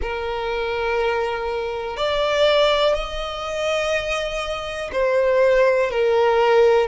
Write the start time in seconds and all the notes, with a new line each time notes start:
0.01 A#4
1.97 D5
2.94 D#5
4.92 C5
5.91 A#4